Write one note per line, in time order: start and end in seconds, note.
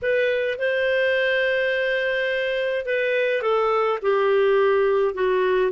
0.02 0.58 B4
0.58 2.85 C5
2.85 3.41 B4
3.41 3.98 A4
4.02 5.14 G4
5.14 5.71 F#4